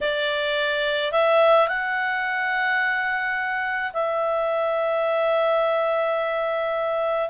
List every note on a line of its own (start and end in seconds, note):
0.00 1.12 D5
1.12 1.67 E5
1.67 3.92 F#5
3.93 7.29 E5